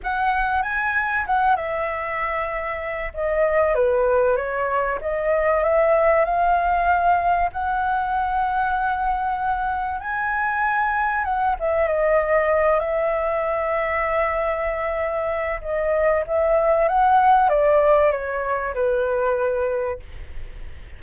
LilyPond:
\new Staff \with { instrumentName = "flute" } { \time 4/4 \tempo 4 = 96 fis''4 gis''4 fis''8 e''4.~ | e''4 dis''4 b'4 cis''4 | dis''4 e''4 f''2 | fis''1 |
gis''2 fis''8 e''8 dis''4~ | dis''8 e''2.~ e''8~ | e''4 dis''4 e''4 fis''4 | d''4 cis''4 b'2 | }